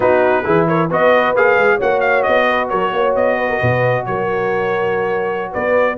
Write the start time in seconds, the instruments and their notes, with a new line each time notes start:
0.00 tuba B3, trombone D#4, horn F#4, trumpet B4
0.44 tuba E3, trombone E4, horn G#4
0.67 horn A#4, trumpet C#5
0.89 tuba B3, trombone F#4, horn B4, trumpet D#5
1.35 tuba A#3, trombone G#4, trumpet F5
1.56 tuba G#3
1.77 tuba A#3, trombone F#4, horn C#5, trumpet F#5
2.00 trumpet F5
2.22 tuba B3, trumpet D#5
2.49 horn B4
2.69 tuba F#3, horn A#4, trumpet C#5
2.92 tuba A#3, horn C#5
3.15 tuba B3, trumpet D#5
3.37 horn B4
3.49 horn A#4
3.60 tuba B2, horn B4
4.05 tuba F#3, horn A#4, trumpet C#5
5.51 tuba B3, horn B4, trumpet D5